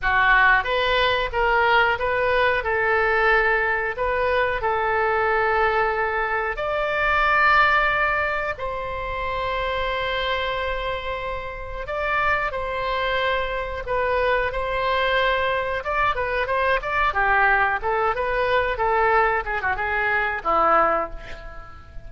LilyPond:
\new Staff \with { instrumentName = "oboe" } { \time 4/4 \tempo 4 = 91 fis'4 b'4 ais'4 b'4 | a'2 b'4 a'4~ | a'2 d''2~ | d''4 c''2.~ |
c''2 d''4 c''4~ | c''4 b'4 c''2 | d''8 b'8 c''8 d''8 g'4 a'8 b'8~ | b'8 a'4 gis'16 fis'16 gis'4 e'4 | }